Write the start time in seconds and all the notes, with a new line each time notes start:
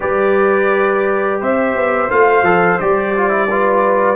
0.00 G3 G4 B4 D5
1.40 C4 C5 E5
1.75 B3
2.09 A3 F4 F5
2.42 F3 A4
2.79 G3 G4 D5
3.17 F4
3.30 E4
3.50 F4 B4